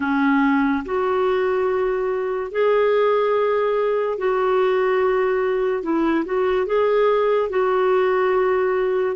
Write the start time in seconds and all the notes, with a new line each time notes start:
0.00 C#4
0.85 F#4
2.51 G#4
4.18 F#4
5.82 E4
6.25 F#4
6.66 G#4
7.49 F#4